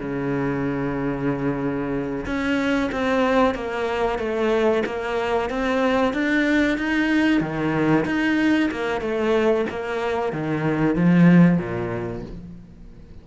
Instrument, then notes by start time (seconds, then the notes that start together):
cello
0.00 C#3
2.26 C#4
2.92 C4
3.55 A#3
4.19 A3
4.86 A#3
5.50 C4
6.14 D4
6.78 D#4
7.41 D#3
8.06 D#4
8.71 A#3
9.01 A3
9.70 A#3
10.33 D#3
10.96 F3
11.58 A#2